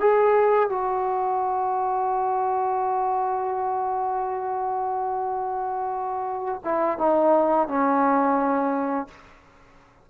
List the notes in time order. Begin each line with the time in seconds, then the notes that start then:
0.00 G#4
0.69 F#4
6.64 E4
6.98 D#4
7.68 C#4